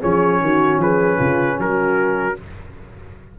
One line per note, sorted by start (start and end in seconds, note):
0.00 0.40 F3
0.00 2.34 C#4
0.00 0.39 G#4
0.00 0.80 C#5
0.40 0.77 D#3
0.40 0.81 F#4
0.77 1.16 F3
0.77 1.17 G#4
0.77 1.60 B4
1.17 1.58 C#3
1.17 1.56 F4
1.58 2.36 F#3
1.58 2.39 F#4
1.58 2.39 A#4